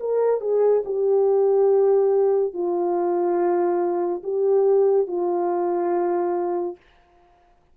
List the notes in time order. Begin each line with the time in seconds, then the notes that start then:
0.00 A#4
0.41 G#4
0.86 G4
2.54 F4
4.24 G4
5.08 F4